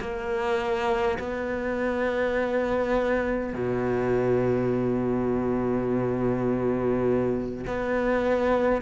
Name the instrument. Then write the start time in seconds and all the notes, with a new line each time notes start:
cello
0.00 A#3
1.19 B3
3.53 B2
7.67 B3